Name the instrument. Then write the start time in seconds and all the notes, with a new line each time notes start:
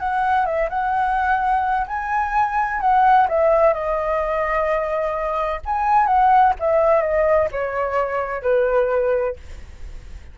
flute
0.00 F#5
0.46 E5
0.70 F#5
1.87 G#5
2.81 F#5
3.29 E5
3.74 D#5
5.66 G#5
6.07 F#5
6.60 E5
7.02 D#5
7.52 C#5
8.43 B4